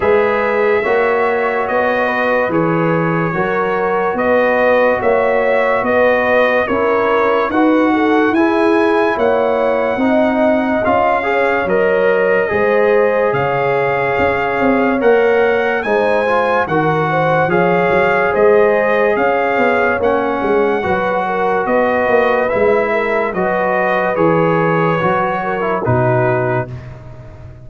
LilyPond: <<
  \new Staff \with { instrumentName = "trumpet" } { \time 4/4 \tempo 4 = 72 e''2 dis''4 cis''4~ | cis''4 dis''4 e''4 dis''4 | cis''4 fis''4 gis''4 fis''4~ | fis''4 f''4 dis''2 |
f''2 fis''4 gis''4 | fis''4 f''4 dis''4 f''4 | fis''2 dis''4 e''4 | dis''4 cis''2 b'4 | }
  \new Staff \with { instrumentName = "horn" } { \time 4/4 b'4 cis''4. b'4. | ais'4 b'4 cis''4 b'4 | ais'4 b'8 a'8 gis'4 cis''4 | dis''4. cis''4. c''4 |
cis''2. c''4 | ais'8 c''8 cis''4 c''4 cis''4~ | cis''4 b'8 ais'8 b'4. ais'8 | b'2~ b'8 ais'8 fis'4 | }
  \new Staff \with { instrumentName = "trombone" } { \time 4/4 gis'4 fis'2 gis'4 | fis'1 | e'4 fis'4 e'2 | dis'4 f'8 gis'8 ais'4 gis'4~ |
gis'2 ais'4 dis'8 f'8 | fis'4 gis'2. | cis'4 fis'2 e'4 | fis'4 gis'4 fis'8. e'16 dis'4 | }
  \new Staff \with { instrumentName = "tuba" } { \time 4/4 gis4 ais4 b4 e4 | fis4 b4 ais4 b4 | cis'4 dis'4 e'4 ais4 | c'4 cis'4 fis4 gis4 |
cis4 cis'8 c'8 ais4 gis4 | dis4 f8 fis8 gis4 cis'8 b8 | ais8 gis8 fis4 b8 ais8 gis4 | fis4 e4 fis4 b,4 | }
>>